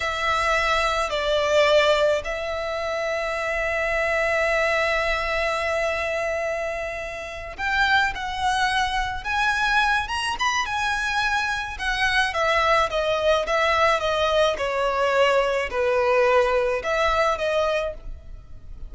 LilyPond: \new Staff \with { instrumentName = "violin" } { \time 4/4 \tempo 4 = 107 e''2 d''2 | e''1~ | e''1~ | e''4. g''4 fis''4.~ |
fis''8 gis''4. ais''8 b''8 gis''4~ | gis''4 fis''4 e''4 dis''4 | e''4 dis''4 cis''2 | b'2 e''4 dis''4 | }